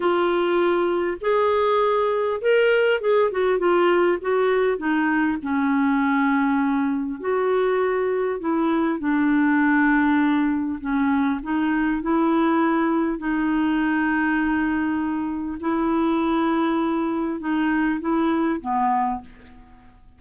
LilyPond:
\new Staff \with { instrumentName = "clarinet" } { \time 4/4 \tempo 4 = 100 f'2 gis'2 | ais'4 gis'8 fis'8 f'4 fis'4 | dis'4 cis'2. | fis'2 e'4 d'4~ |
d'2 cis'4 dis'4 | e'2 dis'2~ | dis'2 e'2~ | e'4 dis'4 e'4 b4 | }